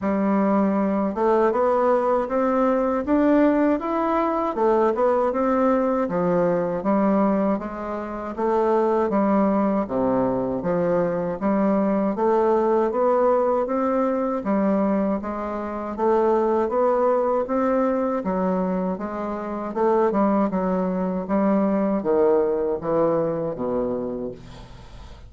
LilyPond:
\new Staff \with { instrumentName = "bassoon" } { \time 4/4 \tempo 4 = 79 g4. a8 b4 c'4 | d'4 e'4 a8 b8 c'4 | f4 g4 gis4 a4 | g4 c4 f4 g4 |
a4 b4 c'4 g4 | gis4 a4 b4 c'4 | fis4 gis4 a8 g8 fis4 | g4 dis4 e4 b,4 | }